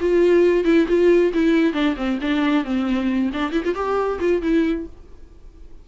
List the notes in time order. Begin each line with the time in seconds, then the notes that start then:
0.00 F4
0.64 E4
0.88 F4
1.34 E4
1.73 D4
1.96 C4
2.21 D4
2.64 C4
3.33 D4
3.52 E4
3.65 F4
3.75 G4
4.19 F4
4.42 E4